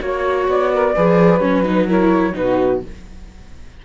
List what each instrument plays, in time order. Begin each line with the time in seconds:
0.00 cello A#3, viola F#4, flute C#5, saxophone C#5
0.48 cello B3, flute D5
0.73 saxophone A#4
0.95 cello F3, viola G#4, saxophone B4
1.40 cello F#3, viola C#4, flute C#5
1.64 viola D#4, flute B4
1.87 viola E4, saxophone A#4, flute C#5
2.34 cello B2, viola D#4, saxophone F#4, flute B4